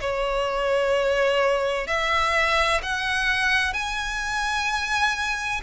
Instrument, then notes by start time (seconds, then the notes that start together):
violin
0.00 C#5
1.87 E5
2.82 F#5
3.73 G#5